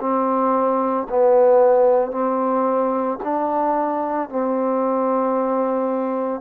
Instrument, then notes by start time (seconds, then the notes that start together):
trombone
0.00 C4
1.09 B3
2.11 C4
3.24 D4
4.29 C4